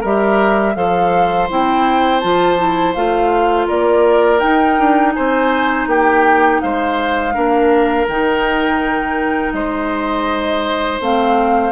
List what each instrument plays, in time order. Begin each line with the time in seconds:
0.00 bassoon G3, clarinet G4, oboe A#4, flute E5
0.75 bassoon F3, clarinet A4, oboe C5, flute F5
1.49 bassoon C4, clarinet E4, flute G5
2.20 bassoon F3, clarinet F4, flute A5
2.58 clarinet E4
2.94 bassoon A3, clarinet F4, flute F5
3.66 bassoon A#3, oboe A#4, flute D5
4.39 clarinet D#4, bassoon D#4, flute G5
4.78 bassoon D4
5.13 bassoon C4, oboe C5, flute G#5
5.87 bassoon A#3, oboe G4, flute G5
6.61 bassoon G#3, oboe C5, flute F5
7.33 bassoon A#3, clarinet D4, oboe A#4
8.07 bassoon D#3, clarinet D#4, flute G5
9.52 bassoon G#3, oboe C5, flute D#5
11.00 bassoon A3, clarinet C4, flute F5